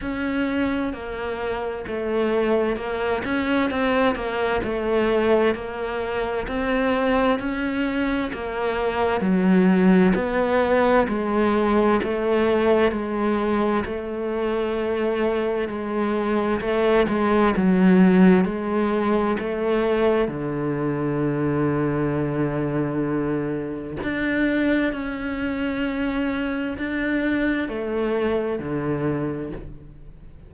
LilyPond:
\new Staff \with { instrumentName = "cello" } { \time 4/4 \tempo 4 = 65 cis'4 ais4 a4 ais8 cis'8 | c'8 ais8 a4 ais4 c'4 | cis'4 ais4 fis4 b4 | gis4 a4 gis4 a4~ |
a4 gis4 a8 gis8 fis4 | gis4 a4 d2~ | d2 d'4 cis'4~ | cis'4 d'4 a4 d4 | }